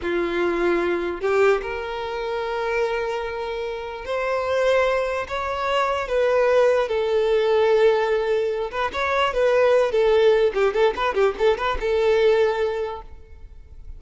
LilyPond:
\new Staff \with { instrumentName = "violin" } { \time 4/4 \tempo 4 = 148 f'2. g'4 | ais'1~ | ais'2 c''2~ | c''4 cis''2 b'4~ |
b'4 a'2.~ | a'4. b'8 cis''4 b'4~ | b'8 a'4. g'8 a'8 b'8 g'8 | a'8 b'8 a'2. | }